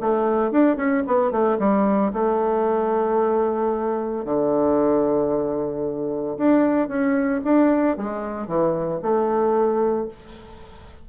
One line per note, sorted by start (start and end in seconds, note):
0.00 0.51 A3
0.51 0.77 D4
0.77 1.03 C#4
1.07 1.31 B3
1.31 1.58 A3
1.59 2.12 G3
2.13 4.25 A3
4.25 6.37 D3
6.38 6.88 D4
6.88 7.41 C#4
7.44 7.97 D4
7.97 8.47 G#3
8.47 9.00 E3
9.02 10.08 A3